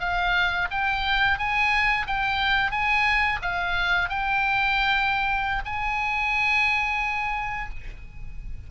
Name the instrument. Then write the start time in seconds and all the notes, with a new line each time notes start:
oboe
0.00 F5
0.71 G5
1.39 G#5
2.07 G5
2.71 G#5
3.42 F5
4.09 G5
5.66 G#5